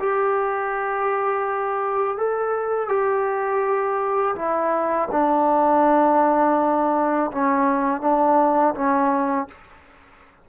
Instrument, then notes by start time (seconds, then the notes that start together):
trombone
0.00 G4
2.18 A4
2.89 G4
4.36 E4
5.12 D4
7.32 C#4
8.02 D4
8.75 C#4